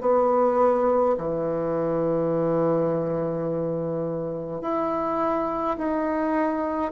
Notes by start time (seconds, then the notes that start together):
0.00 B3
1.17 E3
4.61 E4
5.77 D#4